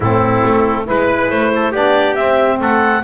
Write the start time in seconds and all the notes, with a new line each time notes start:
0.00 A2 C4 E4 A4
0.45 A3
0.85 G#3 E4 B4
1.30 A3 C5
1.55 A4
1.71 B3 D4 G4 D5
2.14 C4 E5
2.60 A3 A4 F#5